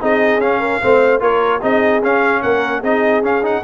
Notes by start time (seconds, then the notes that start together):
0.00 C4 D#4 G#4 D#5
0.37 C#4 F5
0.59 A#4
0.81 A3 C4 C5
1.19 A#3 F4 A#4 C#5
1.60 C4 D#4 G#4 D#5
2.02 C#4 F5
2.42 A#3 A#4 F#5
2.80 C4 D#4 G#4 D#5
3.21 C#4 F5
3.42 D#4 F#5